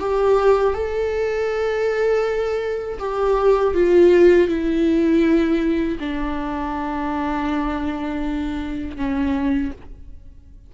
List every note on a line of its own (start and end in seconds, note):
0.00 0.74 G4
0.74 2.99 A4
2.99 3.74 G4
3.74 4.49 F4
4.49 5.99 E4
6.00 8.97 D4
8.97 9.72 C#4